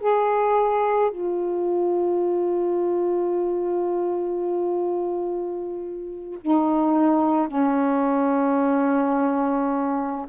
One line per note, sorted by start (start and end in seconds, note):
0.00 1.11 G#4
1.11 6.39 F4
6.41 7.48 D#4
7.48 10.26 C#4